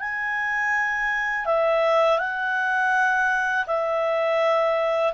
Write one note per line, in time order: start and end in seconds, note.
0.00 1.46 G#5
1.46 2.19 E5
2.19 3.65 F#5
3.67 5.13 E5